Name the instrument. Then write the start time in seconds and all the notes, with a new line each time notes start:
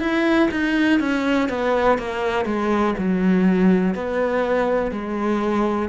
cello
0.00 E4
0.51 D#4
1.00 C#4
1.49 B3
1.98 A#3
2.45 G#3
2.98 F#3
3.94 B3
4.91 G#3